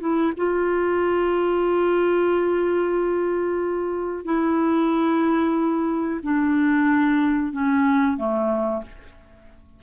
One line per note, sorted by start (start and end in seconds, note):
0.00 0.33 E4
0.37 4.25 F4
4.25 6.20 E4
6.23 7.52 D4
7.52 8.17 C#4
8.17 8.83 A3